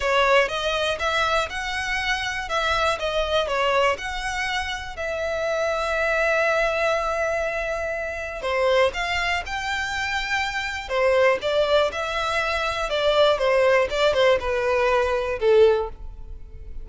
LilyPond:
\new Staff \with { instrumentName = "violin" } { \time 4/4 \tempo 4 = 121 cis''4 dis''4 e''4 fis''4~ | fis''4 e''4 dis''4 cis''4 | fis''2 e''2~ | e''1~ |
e''4 c''4 f''4 g''4~ | g''2 c''4 d''4 | e''2 d''4 c''4 | d''8 c''8 b'2 a'4 | }